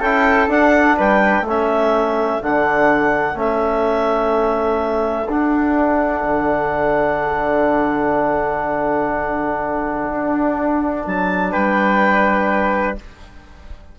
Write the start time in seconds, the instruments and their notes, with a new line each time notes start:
0.00 bassoon C#4, trombone E4, flute A4, clarinet G5
0.48 bassoon D4, trombone D4, clarinet F#5
0.97 bassoon G3, flute B4, clarinet G5
1.41 bassoon A3, flute A4
1.49 trombone C#4, clarinet E5
2.42 bassoon D3, trombone D4, clarinet F#5
3.34 bassoon A3, trombone C#4, clarinet E5
5.28 bassoon D4, trombone D4, clarinet F#5
6.23 bassoon D3
10.11 bassoon D4
11.06 bassoon F#3, clarinet A5
11.52 bassoon G3, flute B4, clarinet G5